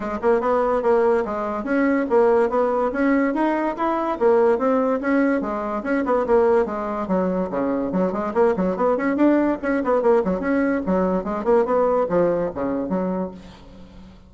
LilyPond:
\new Staff \with { instrumentName = "bassoon" } { \time 4/4 \tempo 4 = 144 gis8 ais8 b4 ais4 gis4 | cis'4 ais4 b4 cis'4 | dis'4 e'4 ais4 c'4 | cis'4 gis4 cis'8 b8 ais4 |
gis4 fis4 cis4 fis8 gis8 | ais8 fis8 b8 cis'8 d'4 cis'8 b8 | ais8 fis8 cis'4 fis4 gis8 ais8 | b4 f4 cis4 fis4 | }